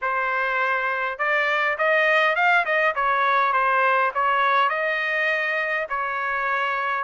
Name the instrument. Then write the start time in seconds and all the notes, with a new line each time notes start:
trumpet
0.01 C5
1.18 D5
1.78 D#5
2.35 F5
2.65 D#5
2.95 C#5
3.52 C5
4.14 C#5
4.69 D#5
5.89 C#5